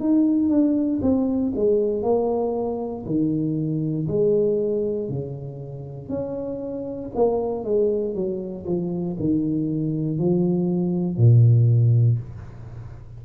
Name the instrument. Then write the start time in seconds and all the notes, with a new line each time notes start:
tuba
0.00 D#4
0.49 D4
1.02 C4
1.56 G#3
2.03 A#3
3.06 D#3
4.08 G#3
5.09 C#3
6.09 C#4
7.15 A#3
7.64 G#3
8.15 F#3
8.66 F3
9.19 D#3
10.19 F3
11.17 A#2